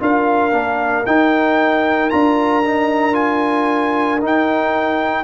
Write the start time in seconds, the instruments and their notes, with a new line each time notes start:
0.00 tuba D4, trombone F4, horn A#4, trumpet F5
0.52 tuba A#3, trombone D4
1.06 tuba D#4, trombone D#4, trumpet G5
2.10 tuba D4, trombone F4, trumpet A#5
2.64 trombone D#4
3.12 trombone F4, trumpet G#5
4.21 trombone D#4, tuba D#4, trumpet G5